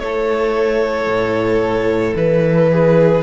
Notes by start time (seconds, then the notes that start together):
0.00 A3 E4 A4 C#5
1.07 A2
2.15 E3 B4
2.71 G#4